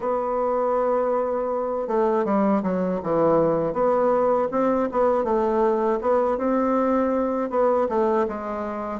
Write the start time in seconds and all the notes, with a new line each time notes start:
0.00 B3
1.87 A3
2.25 G3
2.62 F#3
3.03 E3
3.73 B3
4.51 C4
4.91 B3
5.24 A3
6.01 B3
6.37 C4
7.50 B3
7.89 A3
8.28 G#3